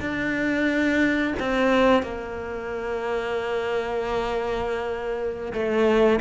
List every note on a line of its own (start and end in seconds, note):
0.00 1.33 D4
1.39 2.03 C4
2.03 5.53 A#3
5.53 6.20 A3